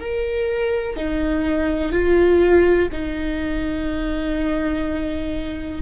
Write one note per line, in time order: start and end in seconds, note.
0.00 0.96 A#4
0.96 1.92 D#4
1.92 2.89 F4
2.92 5.82 D#4